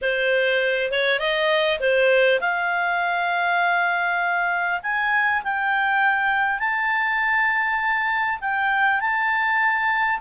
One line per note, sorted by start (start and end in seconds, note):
0.01 0.91 C5
0.91 1.19 C#5
1.19 1.79 D#5
1.79 2.39 C5
2.40 4.80 F5
4.82 5.42 G#5
5.43 6.59 G5
6.59 8.39 A5
8.40 9.00 G5
9.00 10.20 A5